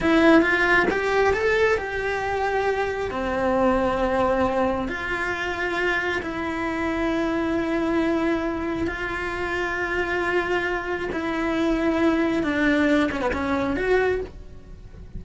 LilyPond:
\new Staff \with { instrumentName = "cello" } { \time 4/4 \tempo 4 = 135 e'4 f'4 g'4 a'4 | g'2. c'4~ | c'2. f'4~ | f'2 e'2~ |
e'1 | f'1~ | f'4 e'2. | d'4. cis'16 b16 cis'4 fis'4 | }